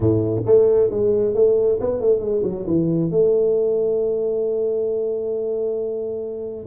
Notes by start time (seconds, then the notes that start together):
0.00 A2
0.46 A3
0.90 G#3
1.34 A3
1.80 B3
2.00 A3
2.19 G#3
2.43 F#3
2.66 E3
3.10 A3